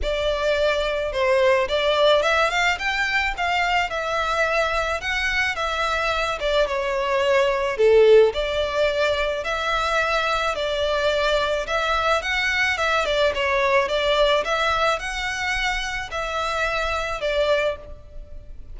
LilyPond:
\new Staff \with { instrumentName = "violin" } { \time 4/4 \tempo 4 = 108 d''2 c''4 d''4 | e''8 f''8 g''4 f''4 e''4~ | e''4 fis''4 e''4. d''8 | cis''2 a'4 d''4~ |
d''4 e''2 d''4~ | d''4 e''4 fis''4 e''8 d''8 | cis''4 d''4 e''4 fis''4~ | fis''4 e''2 d''4 | }